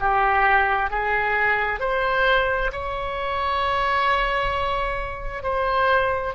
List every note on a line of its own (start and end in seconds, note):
0.00 0.90 G4
0.90 1.80 G#4
1.80 2.71 C5
2.72 5.43 C#5
5.43 6.34 C5